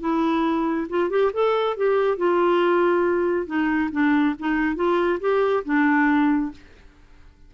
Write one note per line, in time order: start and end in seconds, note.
0.00 0.87 E4
0.89 1.10 F4
1.10 1.32 G4
1.33 1.76 A4
1.77 2.17 G4
2.17 3.46 F4
3.46 3.90 D#4
3.92 4.35 D4
4.39 4.75 D#4
4.75 5.19 F4
5.20 5.63 G4
5.64 6.51 D4